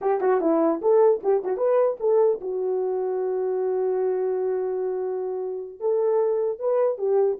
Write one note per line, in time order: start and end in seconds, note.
0.01 0.20 G4
0.20 0.40 F#4
0.40 0.80 E4
0.81 1.21 A4
1.23 1.43 G4
1.43 1.57 F#4
1.57 1.97 B4
2.00 2.40 A4
2.41 5.79 F#4
5.79 6.59 A4
6.59 6.97 B4
6.97 7.37 G4